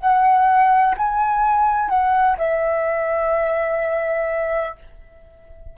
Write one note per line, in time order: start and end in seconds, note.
0.00 0.95 F#5
0.97 1.89 G#5
1.89 2.36 F#5
2.37 4.75 E5